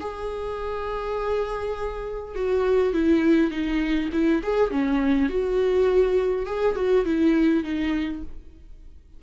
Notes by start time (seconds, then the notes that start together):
0.00 G#4
2.35 F#4
2.94 E4
3.51 D#4
4.13 E4
4.43 G#4
4.71 C#4
5.30 F#4
6.47 G#4
6.76 F#4
7.05 E4
7.64 D#4